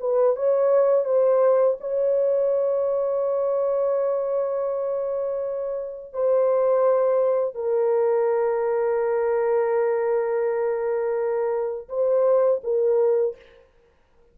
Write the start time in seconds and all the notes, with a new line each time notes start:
0.00 B4
0.36 C#5
1.05 C5
1.81 C#5
6.13 C5
7.55 A#4
11.89 C5
12.64 A#4